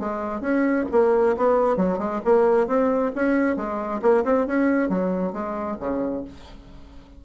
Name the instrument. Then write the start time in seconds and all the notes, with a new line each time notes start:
bassoon
0.00 G#3
0.41 C#4
0.92 A#3
1.37 B3
1.77 F#3
1.99 G#3
2.25 A#3
2.67 C4
3.16 C#4
3.57 G#3
4.02 A#3
4.25 C4
4.47 C#4
4.89 F#3
5.33 G#3
5.80 C#3